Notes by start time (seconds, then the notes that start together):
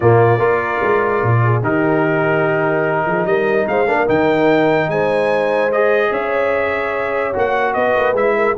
0.00 A#2 A#3 F4 D5
0.38 A#3 F4 A#4
0.82 G#3
1.22 A#2
1.44 G#4
1.62 D#3 D#4 G4 A#4
3.06 F3 G#4
3.25 G3 A#4 D#5
3.67 G#3 C5 F5
3.86 A#3 D4 A#4
4.06 D#3 D#4 G5
4.87 G#3 C5 G#5
5.71 G#4 D#5
6.11 C#4 C#5 E5
7.33 A#3 F#4 F#5
7.73 B3 B4 D#5
7.96 A#3
8.13 G#3 E4 E5
8.36 A#4